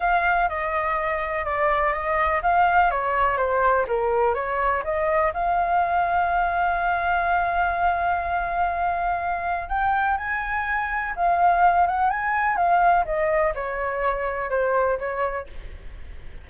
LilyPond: \new Staff \with { instrumentName = "flute" } { \time 4/4 \tempo 4 = 124 f''4 dis''2 d''4 | dis''4 f''4 cis''4 c''4 | ais'4 cis''4 dis''4 f''4~ | f''1~ |
f''1 | g''4 gis''2 f''4~ | f''8 fis''8 gis''4 f''4 dis''4 | cis''2 c''4 cis''4 | }